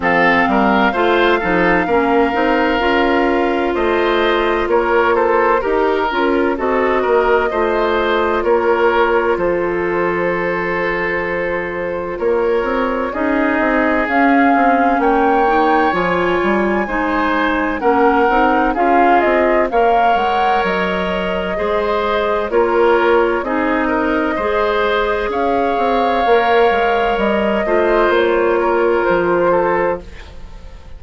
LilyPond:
<<
  \new Staff \with { instrumentName = "flute" } { \time 4/4 \tempo 4 = 64 f''1 | dis''4 cis''8 c''8 ais'4 dis''4~ | dis''4 cis''4 c''2~ | c''4 cis''4 dis''4 f''4 |
g''4 gis''2 fis''4 | f''8 dis''8 f''8 fis''8 dis''2 | cis''4 dis''2 f''4~ | f''4 dis''4 cis''4 c''4 | }
  \new Staff \with { instrumentName = "oboe" } { \time 4/4 a'8 ais'8 c''8 a'8 ais'2 | c''4 ais'8 a'8 ais'4 a'8 ais'8 | c''4 ais'4 a'2~ | a'4 ais'4 gis'2 |
cis''2 c''4 ais'4 | gis'4 cis''2 c''4 | ais'4 gis'8 ais'8 c''4 cis''4~ | cis''4. c''4 ais'4 a'8 | }
  \new Staff \with { instrumentName = "clarinet" } { \time 4/4 c'4 f'8 dis'8 cis'8 dis'8 f'4~ | f'2 g'8 f'8 fis'4 | f'1~ | f'2 dis'4 cis'4~ |
cis'8 dis'8 f'4 dis'4 cis'8 dis'8 | f'4 ais'2 gis'4 | f'4 dis'4 gis'2 | ais'4. f'2~ f'8 | }
  \new Staff \with { instrumentName = "bassoon" } { \time 4/4 f8 g8 a8 f8 ais8 c'8 cis'4 | a4 ais4 dis'8 cis'8 c'8 ais8 | a4 ais4 f2~ | f4 ais8 c'8 cis'8 c'8 cis'8 c'8 |
ais4 f8 g8 gis4 ais8 c'8 | cis'8 c'8 ais8 gis8 fis4 gis4 | ais4 c'4 gis4 cis'8 c'8 | ais8 gis8 g8 a8 ais4 f4 | }
>>